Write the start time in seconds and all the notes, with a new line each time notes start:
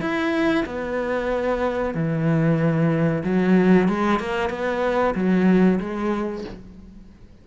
0.00 E4
0.65 B3
1.94 E3
3.24 F#3
3.88 G#3
4.19 A#3
4.49 B3
5.14 F#3
5.80 G#3